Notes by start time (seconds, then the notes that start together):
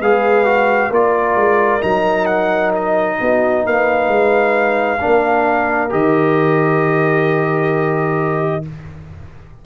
0.00 G#3 G#4 B4 F5
0.45 F#4
0.89 A#3 F4 A#4 D5
1.35 G#3
1.80 F#3 D#4 A#5
2.25 F#5
2.75 D#5
3.20 B3 F#4
3.64 A#3 B4 F5
4.07 G#3
5.00 A#3 D4 A#4
5.89 D#3 G4 D#5